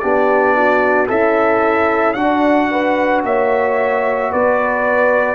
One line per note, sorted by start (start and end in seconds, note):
0.00 1.10 B3
0.00 1.08 D4
0.00 0.56 G4
0.00 1.07 D5
0.57 1.10 F#4
1.08 2.17 C#4
1.08 2.16 E4
1.08 2.15 A4
1.08 2.14 E5
2.14 2.70 D4
2.14 3.24 D4
2.14 5.35 F#4
2.14 3.21 F#5
2.71 3.25 B4
3.24 4.31 A#3
3.24 4.32 C#5
3.24 4.33 E5
4.32 5.35 B3
4.32 5.35 B4
4.32 5.35 D5